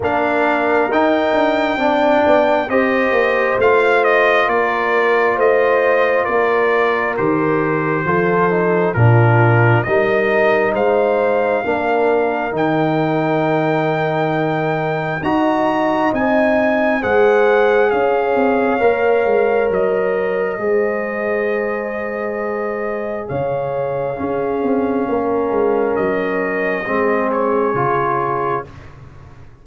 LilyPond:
<<
  \new Staff \with { instrumentName = "trumpet" } { \time 4/4 \tempo 4 = 67 f''4 g''2 dis''4 | f''8 dis''8 d''4 dis''4 d''4 | c''2 ais'4 dis''4 | f''2 g''2~ |
g''4 ais''4 gis''4 fis''4 | f''2 dis''2~ | dis''2 f''2~ | f''4 dis''4. cis''4. | }
  \new Staff \with { instrumentName = "horn" } { \time 4/4 ais'2 d''4 c''4~ | c''4 ais'4 c''4 ais'4~ | ais'4 a'4 f'4 ais'4 | c''4 ais'2.~ |
ais'4 dis''2 c''4 | cis''2. c''4~ | c''2 cis''4 gis'4 | ais'2 gis'2 | }
  \new Staff \with { instrumentName = "trombone" } { \time 4/4 d'4 dis'4 d'4 g'4 | f'1 | g'4 f'8 dis'8 d'4 dis'4~ | dis'4 d'4 dis'2~ |
dis'4 fis'4 dis'4 gis'4~ | gis'4 ais'2 gis'4~ | gis'2. cis'4~ | cis'2 c'4 f'4 | }
  \new Staff \with { instrumentName = "tuba" } { \time 4/4 ais4 dis'8 d'8 c'8 b8 c'8 ais8 | a4 ais4 a4 ais4 | dis4 f4 ais,4 g4 | gis4 ais4 dis2~ |
dis4 dis'4 c'4 gis4 | cis'8 c'8 ais8 gis8 fis4 gis4~ | gis2 cis4 cis'8 c'8 | ais8 gis8 fis4 gis4 cis4 | }
>>